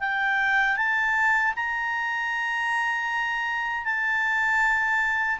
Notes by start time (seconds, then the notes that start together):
0.00 G5
0.77 A5
1.56 A#5
3.85 A5